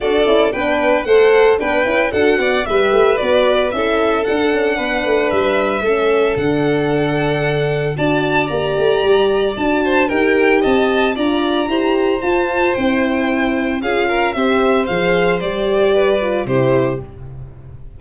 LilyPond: <<
  \new Staff \with { instrumentName = "violin" } { \time 4/4 \tempo 4 = 113 d''4 g''4 fis''4 g''4 | fis''4 e''4 d''4 e''4 | fis''2 e''2 | fis''2. a''4 |
ais''2 a''4 g''4 | a''4 ais''2 a''4 | g''2 f''4 e''4 | f''4 d''2 c''4 | }
  \new Staff \with { instrumentName = "violin" } { \time 4/4 a'4 b'4 c''4 b'4 | a'8 d''8 b'2 a'4~ | a'4 b'2 a'4~ | a'2. d''4~ |
d''2~ d''8 c''8 ais'4 | dis''4 d''4 c''2~ | c''2 gis'8 ais'8 c''4~ | c''2 b'4 g'4 | }
  \new Staff \with { instrumentName = "horn" } { \time 4/4 fis'8 e'8 d'4 a'4 d'8 e'8 | fis'4 g'4 fis'4 e'4 | d'2. cis'4 | d'2. fis'4 |
g'2 fis'4 g'4~ | g'4 f'4 g'4 f'4 | e'2 f'4 g'4 | gis'4 g'4. f'8 e'4 | }
  \new Staff \with { instrumentName = "tuba" } { \time 4/4 d'8 cis'8 b4 a4 b8 cis'8 | d'8 b8 g8 a8 b4 cis'4 | d'8 cis'8 b8 a8 g4 a4 | d2. d'4 |
ais8 a8 g4 d'4 dis'4 | c'4 d'4 e'4 f'4 | c'2 cis'4 c'4 | f4 g2 c4 | }
>>